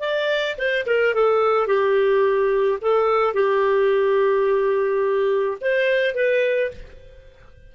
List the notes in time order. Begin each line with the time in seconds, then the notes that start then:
0.00 D5
0.58 C5
0.86 A#4
1.14 A4
1.67 G4
2.81 A4
3.34 G4
5.61 C5
6.15 B4